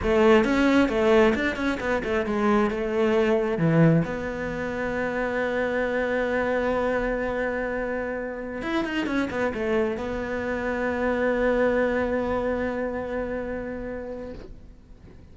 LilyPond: \new Staff \with { instrumentName = "cello" } { \time 4/4 \tempo 4 = 134 a4 cis'4 a4 d'8 cis'8 | b8 a8 gis4 a2 | e4 b2.~ | b1~ |
b2.~ b16 e'8 dis'16~ | dis'16 cis'8 b8 a4 b4.~ b16~ | b1~ | b1 | }